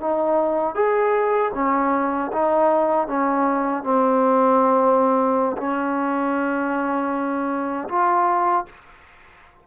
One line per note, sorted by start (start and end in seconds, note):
0.00 0.75 D#4
0.75 1.52 G#4
1.54 2.31 C#4
2.32 3.07 D#4
3.07 3.83 C#4
3.83 5.56 C4
5.57 7.88 C#4
7.88 8.65 F4